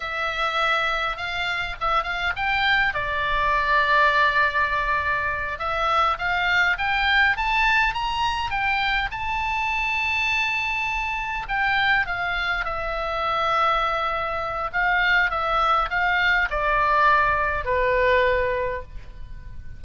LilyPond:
\new Staff \with { instrumentName = "oboe" } { \time 4/4 \tempo 4 = 102 e''2 f''4 e''8 f''8 | g''4 d''2.~ | d''4. e''4 f''4 g''8~ | g''8 a''4 ais''4 g''4 a''8~ |
a''2.~ a''8 g''8~ | g''8 f''4 e''2~ e''8~ | e''4 f''4 e''4 f''4 | d''2 b'2 | }